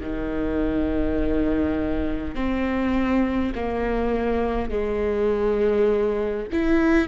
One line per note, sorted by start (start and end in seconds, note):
0.00 2.35 D#3
2.35 3.52 C4
3.55 4.70 A#3
4.70 6.47 G#3
6.52 7.07 E4